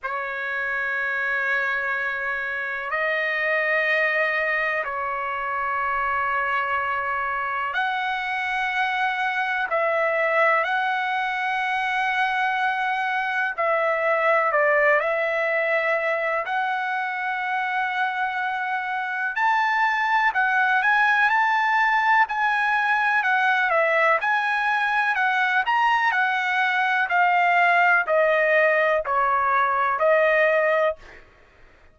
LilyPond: \new Staff \with { instrumentName = "trumpet" } { \time 4/4 \tempo 4 = 62 cis''2. dis''4~ | dis''4 cis''2. | fis''2 e''4 fis''4~ | fis''2 e''4 d''8 e''8~ |
e''4 fis''2. | a''4 fis''8 gis''8 a''4 gis''4 | fis''8 e''8 gis''4 fis''8 ais''8 fis''4 | f''4 dis''4 cis''4 dis''4 | }